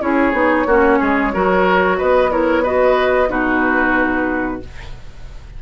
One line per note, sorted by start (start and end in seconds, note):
0.00 0.32 C#4
0.00 0.32 E4
0.00 0.67 G#4
0.00 1.98 C#5
0.32 0.65 B3
0.32 0.65 D#4
0.66 0.98 A#3
0.66 1.33 C#4
0.66 0.99 F#4
0.99 1.34 G#3
0.99 1.32 G#4
1.33 2.00 F#3
1.33 2.30 F#4
1.33 1.97 A#4
1.97 3.30 B3
1.97 2.30 B4
1.97 2.31 D#5
2.30 2.63 E4
2.30 2.62 A#4
2.30 2.64 C#5
2.62 3.28 F#4
2.62 3.28 B4
2.62 3.30 D#5
3.28 4.62 B2
3.28 4.60 D#4
3.28 4.62 F#4
3.28 4.61 B4